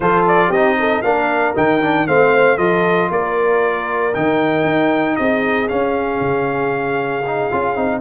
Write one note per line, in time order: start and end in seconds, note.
0.00 0.49 F3
0.00 0.53 F4
0.00 0.49 A4
0.00 0.25 C5
0.27 0.51 D5
0.49 1.01 C4
0.49 1.03 D#4
0.49 0.74 G4
0.49 1.02 D#5
0.79 1.03 A4
1.02 1.55 A#3
1.02 1.55 D4
1.02 2.07 A#4
1.02 1.53 F5
1.55 2.08 D#3
1.55 1.81 D#4
1.55 2.07 G5
1.81 2.07 D4
2.07 2.57 A3
2.07 2.57 C4
2.07 2.57 C5
2.07 2.57 F5
2.57 3.09 F3
2.57 4.12 F4
2.57 3.08 A4
2.57 3.09 D#5
3.09 4.13 A#3
3.09 5.18 A#4
3.09 4.14 D5
4.14 4.64 D#3
4.14 5.67 D#4
4.14 5.16 G5
4.64 5.16 D#4
5.16 5.70 C4
5.16 8.01 G#4
5.16 5.67 D#5
5.67 7.22 C#4
5.67 6.20 C#4
5.67 8.01 F5
6.20 7.49 C#3
7.26 7.51 D#4
7.51 7.76 C#4
7.51 7.75 F4
7.75 8.01 C4
7.75 8.01 D#4